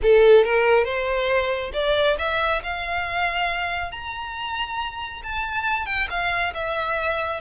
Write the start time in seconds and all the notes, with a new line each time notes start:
0.02 A4
0.44 A#4
0.84 C5
1.73 D5
2.18 E5
2.63 F5
3.91 A#5
5.23 A5
5.86 G5
6.09 F5
6.54 E5